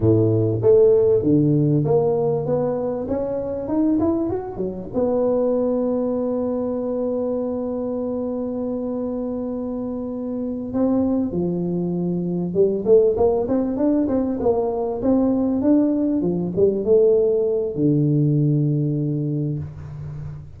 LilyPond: \new Staff \with { instrumentName = "tuba" } { \time 4/4 \tempo 4 = 98 a,4 a4 d4 ais4 | b4 cis'4 dis'8 e'8 fis'8 fis8 | b1~ | b1~ |
b4. c'4 f4.~ | f8 g8 a8 ais8 c'8 d'8 c'8 ais8~ | ais8 c'4 d'4 f8 g8 a8~ | a4 d2. | }